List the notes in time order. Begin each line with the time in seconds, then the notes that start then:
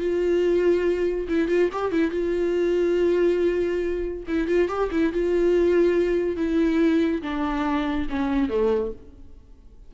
0.00 F4
1.28 E4
1.48 F4
1.72 G4
1.92 E4
2.11 F4
4.28 E4
4.48 F4
4.68 G4
4.91 E4
5.13 F4
6.36 E4
7.22 D4
8.10 C#4
8.49 A3